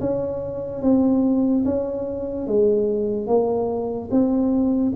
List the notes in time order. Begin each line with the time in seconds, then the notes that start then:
0.00 C#4
0.82 C4
1.65 C#4
2.47 G#3
3.27 A#3
4.11 C4